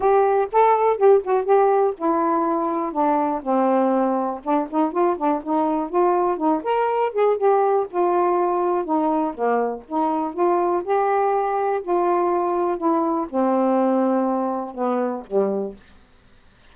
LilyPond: \new Staff \with { instrumentName = "saxophone" } { \time 4/4 \tempo 4 = 122 g'4 a'4 g'8 fis'8 g'4 | e'2 d'4 c'4~ | c'4 d'8 dis'8 f'8 d'8 dis'4 | f'4 dis'8 ais'4 gis'8 g'4 |
f'2 dis'4 ais4 | dis'4 f'4 g'2 | f'2 e'4 c'4~ | c'2 b4 g4 | }